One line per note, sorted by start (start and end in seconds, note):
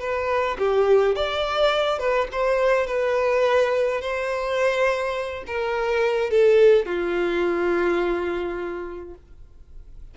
0.00 0.57 B4
0.58 1.16 G4
1.16 1.99 D5
1.99 2.28 B4
2.32 2.87 C5
2.87 4.01 B4
4.01 5.44 C5
5.47 6.30 A#4
6.30 6.86 A4
6.86 9.14 F4